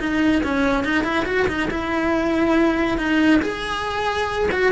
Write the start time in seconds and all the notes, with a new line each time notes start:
0.00 D#4
0.44 C#4
0.85 D#4
1.04 E4
1.26 F#4
1.48 D#4
1.71 E4
2.98 D#4
3.42 G#4
4.52 F#4